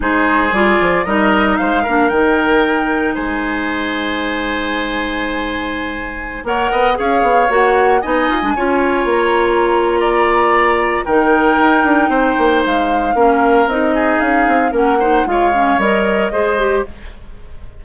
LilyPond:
<<
  \new Staff \with { instrumentName = "flute" } { \time 4/4 \tempo 4 = 114 c''4 d''4 dis''4 f''4 | g''2 gis''2~ | gis''1~ | gis''16 fis''4 f''4 fis''4 gis''8.~ |
gis''4~ gis''16 ais''2~ ais''8.~ | ais''4 g''2. | f''2 dis''4 f''4 | fis''4 f''4 dis''2 | }
  \new Staff \with { instrumentName = "oboe" } { \time 4/4 gis'2 ais'4 c''8 ais'8~ | ais'2 c''2~ | c''1~ | c''16 cis''8 dis''8 cis''2 dis''8.~ |
dis''16 cis''2~ cis''8. d''4~ | d''4 ais'2 c''4~ | c''4 ais'4. gis'4. | ais'8 c''8 cis''2 c''4 | }
  \new Staff \with { instrumentName = "clarinet" } { \time 4/4 dis'4 f'4 dis'4. d'8 | dis'1~ | dis'1~ | dis'16 ais'4 gis'4 fis'4 dis'8. |
d'16 f'2.~ f'8.~ | f'4 dis'2.~ | dis'4 cis'4 dis'2 | cis'8 dis'8 f'8 cis'8 ais'4 gis'8 g'8 | }
  \new Staff \with { instrumentName = "bassoon" } { \time 4/4 gis4 g8 f8 g4 gis8 ais8 | dis2 gis2~ | gis1~ | gis16 ais8 b8 cis'8 b8 ais4 b8 f'16 |
gis16 cis'4 ais2~ ais8.~ | ais4 dis4 dis'8 d'8 c'8 ais8 | gis4 ais4 c'4 cis'8 c'8 | ais4 gis4 g4 gis4 | }
>>